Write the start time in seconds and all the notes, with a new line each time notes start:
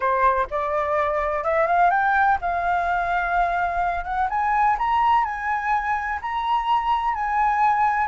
0.00 C5
0.50 D5
1.44 E5
1.66 F5
1.90 G5
2.41 F5
4.04 F#5
4.29 G#5
4.78 A#5
5.24 G#5
6.21 A#5
7.14 G#5